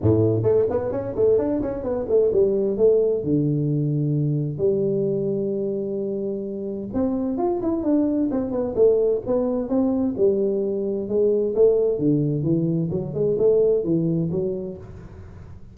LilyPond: \new Staff \with { instrumentName = "tuba" } { \time 4/4 \tempo 4 = 130 a,4 a8 b8 cis'8 a8 d'8 cis'8 | b8 a8 g4 a4 d4~ | d2 g2~ | g2. c'4 |
f'8 e'8 d'4 c'8 b8 a4 | b4 c'4 g2 | gis4 a4 d4 e4 | fis8 gis8 a4 e4 fis4 | }